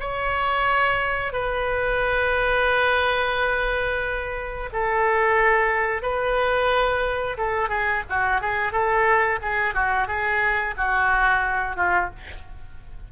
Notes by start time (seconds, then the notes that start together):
0.00 C#5
1.33 B4
4.73 A4
6.02 B4
7.38 A4
7.69 G#4
8.10 F#4
8.41 G#4
8.72 A4
9.42 G#4
9.75 F#4
10.08 G#4
10.77 F#4
11.76 F4